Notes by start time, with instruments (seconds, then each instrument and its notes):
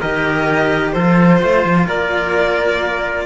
0.00 cello D#3 G4, trumpet A#4, violin D#5
0.92 cello F3 F4, trumpet A4, violin C5
1.42 cello A3, trumpet C5
1.64 cello F3
1.88 cello A#3, trumpet A#4, violin D5